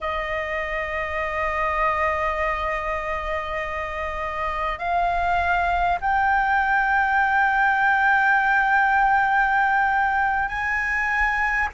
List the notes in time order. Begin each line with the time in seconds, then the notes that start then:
0.00 D#5
4.78 F5
6.01 G5
10.48 G#5